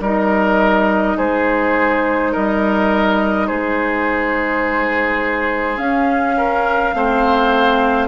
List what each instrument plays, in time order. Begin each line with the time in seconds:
0.00 bassoon G3, clarinet D#4, oboe A#4, flute D#5
1.17 bassoon G#3, oboe G#4, flute C5
2.32 bassoon G3, oboe A#4, flute D#5
3.47 bassoon G#3, oboe G#4, flute C5
5.77 clarinet C#4, bassoon C#4, flute F5
6.37 oboe A#4
6.94 bassoon A3, clarinet C4, oboe C5